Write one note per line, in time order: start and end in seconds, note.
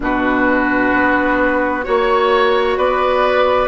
0.00 0.91 B2
0.00 1.83 D4
0.00 1.85 F#4
0.00 1.83 B4
0.93 1.85 B3
1.83 2.77 A#3
1.83 3.67 F#4
1.83 2.76 C#5
1.83 2.77 C#5
2.77 3.67 B3
2.77 3.67 B4
2.77 3.67 D5